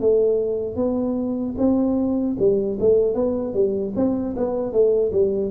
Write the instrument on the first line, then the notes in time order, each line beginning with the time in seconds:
tuba
0.00 A3
0.76 B3
1.58 C4
2.39 G3
2.80 A3
3.15 B3
3.54 G3
3.96 C4
4.36 B3
4.72 A3
5.12 G3